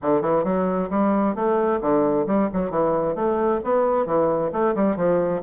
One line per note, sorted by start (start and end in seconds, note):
0.02 0.21 D3
0.21 0.44 E3
0.44 0.89 F#3
0.90 1.35 G3
1.35 1.80 A3
1.81 2.26 D3
2.26 2.49 G3
2.53 2.70 F#3
2.70 3.15 E3
3.15 3.60 A3
3.64 4.06 B3
4.06 4.51 E3
4.52 4.75 A3
4.75 4.96 G3
4.96 5.41 F3